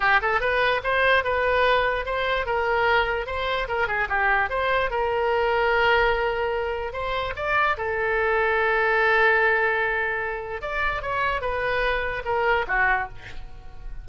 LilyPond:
\new Staff \with { instrumentName = "oboe" } { \time 4/4 \tempo 4 = 147 g'8 a'8 b'4 c''4 b'4~ | b'4 c''4 ais'2 | c''4 ais'8 gis'8 g'4 c''4 | ais'1~ |
ais'4 c''4 d''4 a'4~ | a'1~ | a'2 d''4 cis''4 | b'2 ais'4 fis'4 | }